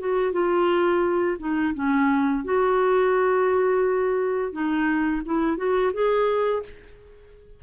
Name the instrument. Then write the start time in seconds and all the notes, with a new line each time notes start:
clarinet
0.00 F#4
0.33 F4
1.40 D#4
1.75 C#4
2.45 F#4
4.53 D#4
5.26 E4
5.58 F#4
5.94 G#4